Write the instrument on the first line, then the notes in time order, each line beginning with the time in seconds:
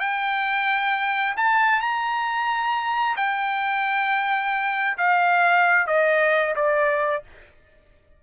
trumpet
0.00 G5
1.37 A5
1.81 A#5
3.17 G5
4.97 F5
5.87 D#5
6.56 D5